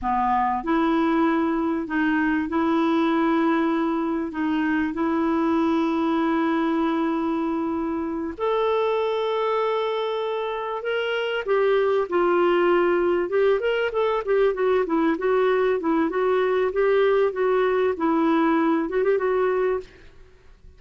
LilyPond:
\new Staff \with { instrumentName = "clarinet" } { \time 4/4 \tempo 4 = 97 b4 e'2 dis'4 | e'2. dis'4 | e'1~ | e'4. a'2~ a'8~ |
a'4. ais'4 g'4 f'8~ | f'4. g'8 ais'8 a'8 g'8 fis'8 | e'8 fis'4 e'8 fis'4 g'4 | fis'4 e'4. fis'16 g'16 fis'4 | }